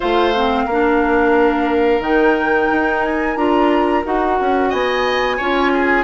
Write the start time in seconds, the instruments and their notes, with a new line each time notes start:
0.00 bassoon A3, clarinet F4, oboe C5, flute F5
0.35 clarinet C4
0.65 bassoon A#3, clarinet D4, oboe A#4
1.99 bassoon D#3, clarinet D#4, flute G5
2.72 bassoon D#4
3.02 flute G#5
3.36 bassoon D4, clarinet F4, flute A#5
4.04 bassoon D#4, clarinet F#4, flute F#5
4.40 bassoon C#4
4.69 bassoon B3, oboe D#5, flute G#5
5.37 bassoon C#4, clarinet F4, oboe C#5
5.73 oboe G#4